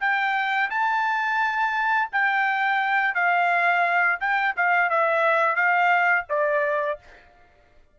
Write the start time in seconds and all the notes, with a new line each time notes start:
0.00 G5
0.70 A5
2.12 G5
3.14 F5
4.20 G5
4.56 F5
4.90 E5
5.56 F5
6.29 D5